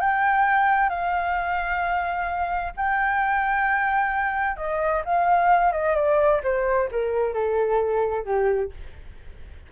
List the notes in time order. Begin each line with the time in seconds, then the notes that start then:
0.00 G5
0.89 F5
2.76 G5
4.57 D#5
5.05 F5
5.72 D#5
5.95 D5
6.43 C5
6.91 A#4
7.34 A4
8.25 G4